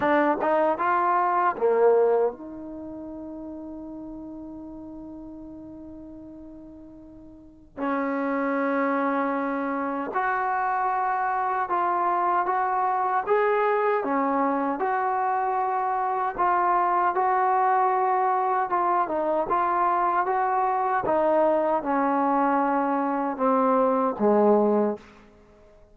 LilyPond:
\new Staff \with { instrumentName = "trombone" } { \time 4/4 \tempo 4 = 77 d'8 dis'8 f'4 ais4 dis'4~ | dis'1~ | dis'2 cis'2~ | cis'4 fis'2 f'4 |
fis'4 gis'4 cis'4 fis'4~ | fis'4 f'4 fis'2 | f'8 dis'8 f'4 fis'4 dis'4 | cis'2 c'4 gis4 | }